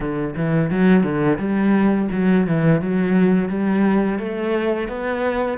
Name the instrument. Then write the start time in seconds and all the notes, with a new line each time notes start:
cello
0.00 D3
0.36 E3
0.70 F#3
1.03 D3
1.38 G3
2.11 F#3
2.46 E3
2.81 F#3
3.49 G3
4.18 A3
4.88 B3